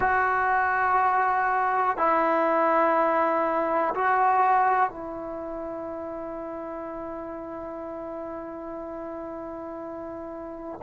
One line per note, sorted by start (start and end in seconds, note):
0.00 1.97 F#4
1.97 3.93 E4
3.94 4.90 F#4
4.90 10.80 E4